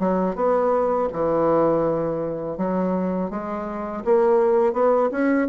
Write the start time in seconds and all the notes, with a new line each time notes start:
0.00 F#3
0.36 B3
1.13 E3
2.58 F#3
3.31 G#3
4.05 A#3
4.73 B3
5.12 C#4